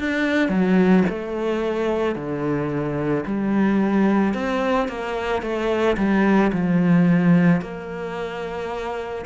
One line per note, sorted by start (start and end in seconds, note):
0.00 0.50 D4
0.50 1.04 F#3
1.10 2.16 A3
2.16 3.25 D3
3.26 4.34 G3
4.34 4.89 C4
4.89 5.42 A#3
5.42 5.97 A3
5.98 6.52 G3
6.53 7.62 F3
7.62 9.25 A#3